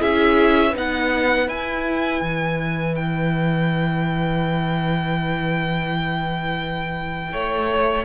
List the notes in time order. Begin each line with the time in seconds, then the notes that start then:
0.00 C#4 E4 G#4 E5
0.70 B3 D#4 B4
0.78 F#5
1.47 E4 G#5
2.22 E3
2.96 G5
7.33 A3 C#5